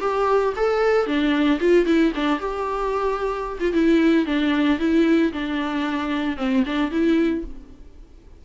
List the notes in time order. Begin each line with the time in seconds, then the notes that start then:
0.00 G4
0.56 A4
1.06 D4
1.60 F4
1.86 E4
2.15 D4
2.39 G4
3.60 F4
3.72 E4
4.25 D4
4.79 E4
5.32 D4
6.37 C4
6.65 D4
6.91 E4